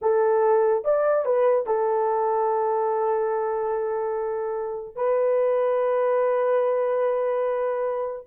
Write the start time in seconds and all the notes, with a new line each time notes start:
0.01 A4
0.84 D5
1.25 B4
1.66 A4
4.95 B4